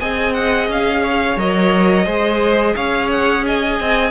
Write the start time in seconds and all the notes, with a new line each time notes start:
0.00 C4 G#4 D#5 G#5
0.34 F#5
0.68 C#4 F5
1.03 C#5
1.37 F#3 A#4 D#5
2.06 G#3 G#4 C5
2.76 C#4 C#5 F5
3.11 F#5
3.47 D#5 G#5
3.80 C4